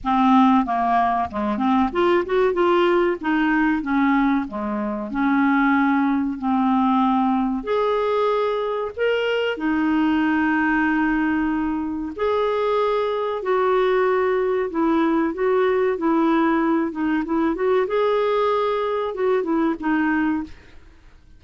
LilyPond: \new Staff \with { instrumentName = "clarinet" } { \time 4/4 \tempo 4 = 94 c'4 ais4 gis8 c'8 f'8 fis'8 | f'4 dis'4 cis'4 gis4 | cis'2 c'2 | gis'2 ais'4 dis'4~ |
dis'2. gis'4~ | gis'4 fis'2 e'4 | fis'4 e'4. dis'8 e'8 fis'8 | gis'2 fis'8 e'8 dis'4 | }